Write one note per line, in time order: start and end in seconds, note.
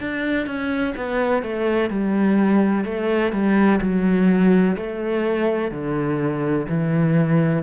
0.00 0.46 D4
0.46 0.94 C#4
0.96 1.42 B3
1.42 1.90 A3
1.90 2.84 G3
2.84 3.32 A3
3.32 3.80 G3
3.81 4.76 F#3
4.77 5.71 A3
5.71 6.66 D3
6.68 7.63 E3